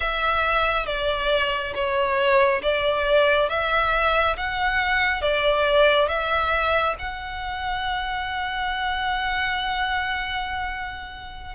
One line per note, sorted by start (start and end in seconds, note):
0.00 0.86 E5
0.86 1.73 D5
1.74 2.61 C#5
2.62 3.49 D5
3.49 4.36 E5
4.37 5.21 F#5
5.21 6.08 D5
6.08 6.95 E5
6.98 11.55 F#5